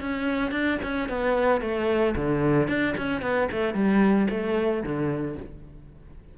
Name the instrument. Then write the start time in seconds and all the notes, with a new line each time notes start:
cello
0.00 C#4
0.51 D4
0.83 C#4
1.09 B3
1.61 A3
2.15 D3
2.68 D4
2.97 C#4
3.21 B3
3.51 A3
3.74 G3
4.30 A3
4.83 D3